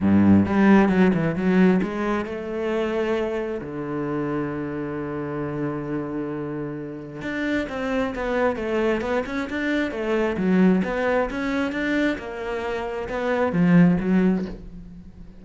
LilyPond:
\new Staff \with { instrumentName = "cello" } { \time 4/4 \tempo 4 = 133 g,4 g4 fis8 e8 fis4 | gis4 a2. | d1~ | d1 |
d'4 c'4 b4 a4 | b8 cis'8 d'4 a4 fis4 | b4 cis'4 d'4 ais4~ | ais4 b4 f4 fis4 | }